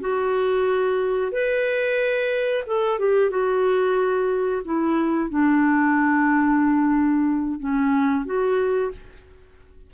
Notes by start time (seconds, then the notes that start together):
0.00 F#4
1.32 B4
2.66 A4
2.99 G4
3.30 F#4
4.65 E4
5.30 D4
7.59 C#4
8.25 F#4